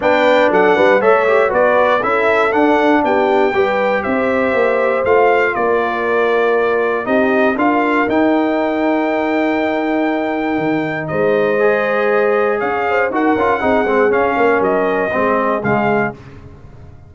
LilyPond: <<
  \new Staff \with { instrumentName = "trumpet" } { \time 4/4 \tempo 4 = 119 g''4 fis''4 e''4 d''4 | e''4 fis''4 g''2 | e''2 f''4 d''4~ | d''2 dis''4 f''4 |
g''1~ | g''2 dis''2~ | dis''4 f''4 fis''2 | f''4 dis''2 f''4 | }
  \new Staff \with { instrumentName = "horn" } { \time 4/4 b'4 a'8 b'8 cis''4 b'4 | a'2 g'4 b'4 | c''2. ais'4~ | ais'2 g'4 ais'4~ |
ais'1~ | ais'2 c''2~ | c''4 cis''8 c''8 ais'4 gis'4~ | gis'8 ais'4. gis'2 | }
  \new Staff \with { instrumentName = "trombone" } { \time 4/4 d'2 a'8 g'8 fis'4 | e'4 d'2 g'4~ | g'2 f'2~ | f'2 dis'4 f'4 |
dis'1~ | dis'2. gis'4~ | gis'2 fis'8 f'8 dis'8 c'8 | cis'2 c'4 gis4 | }
  \new Staff \with { instrumentName = "tuba" } { \time 4/4 b4 fis8 g8 a4 b4 | cis'4 d'4 b4 g4 | c'4 ais4 a4 ais4~ | ais2 c'4 d'4 |
dis'1~ | dis'4 dis4 gis2~ | gis4 cis'4 dis'8 cis'8 c'8 gis8 | cis'8 ais8 fis4 gis4 cis4 | }
>>